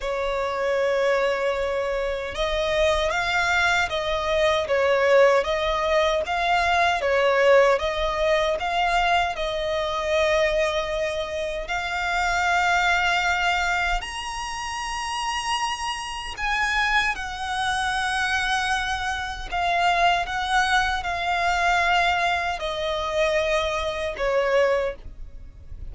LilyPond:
\new Staff \with { instrumentName = "violin" } { \time 4/4 \tempo 4 = 77 cis''2. dis''4 | f''4 dis''4 cis''4 dis''4 | f''4 cis''4 dis''4 f''4 | dis''2. f''4~ |
f''2 ais''2~ | ais''4 gis''4 fis''2~ | fis''4 f''4 fis''4 f''4~ | f''4 dis''2 cis''4 | }